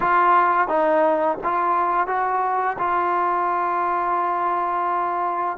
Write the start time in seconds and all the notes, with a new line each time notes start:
0.00 F4
0.68 D#4
1.43 F4
2.07 F#4
2.78 F4